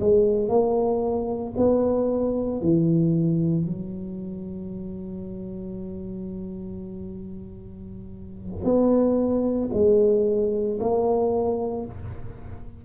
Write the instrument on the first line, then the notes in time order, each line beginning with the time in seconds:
tuba
0.00 G#3
0.49 A#3
1.56 B3
2.61 E3
3.66 F#3
8.64 B3
9.73 G#3
10.80 A#3